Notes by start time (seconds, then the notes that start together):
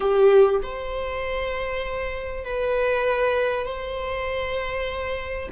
0.00 G4
0.62 C5
2.44 B4
3.66 C5